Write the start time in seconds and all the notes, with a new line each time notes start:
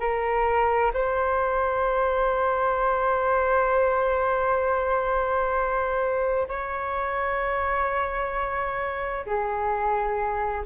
0.00 A#4
0.94 C5
6.49 C#5
9.26 G#4